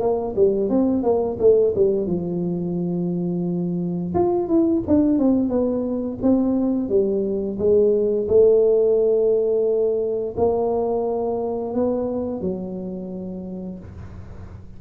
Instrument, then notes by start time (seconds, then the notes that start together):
tuba
0.00 A#3
0.35 G3
0.69 C4
1.03 A#3
1.39 A3
1.75 G3
2.07 F3
4.14 F4
4.48 E4
4.87 D4
5.18 C4
5.49 B3
6.22 C4
6.89 G3
7.58 G#3
8.28 A3
10.37 A#3
11.74 B3
12.41 F#3